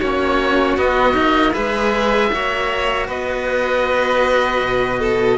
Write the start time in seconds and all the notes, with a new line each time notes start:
0.00 A#3 C#4 F#4 C#5
0.77 B3 D#5
1.13 A#3 D#4
1.53 G#3 G#4 B4 E5
2.31 A#3 F#4 C#5
3.07 B3 B4 D#5
4.61 B2
4.99 A4